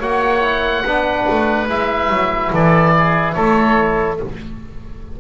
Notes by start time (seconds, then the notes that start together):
0.00 A#3 F#4 C#5 F#5
0.43 E4
0.85 B3 D4 B4
1.30 A3
1.68 G#3 E4 E5
2.10 F#3
2.52 E3 A4 D5
2.96 G#4
3.33 A3 A4 C#5